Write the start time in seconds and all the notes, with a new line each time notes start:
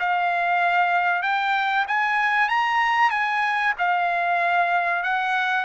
0.00 F5
1.23 G5
1.88 G#5
2.49 A#5
3.11 G#5
3.79 F5
5.04 F#5